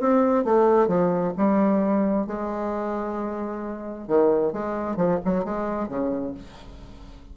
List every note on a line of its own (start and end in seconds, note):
0.00 0.44 C4
0.44 0.87 A3
0.87 1.33 F3
1.37 2.27 G3
2.27 4.07 G#3
4.07 4.52 D#3
4.52 4.96 G#3
4.96 5.19 F3
5.25 5.44 F#3
5.44 5.88 G#3
5.88 6.34 C#3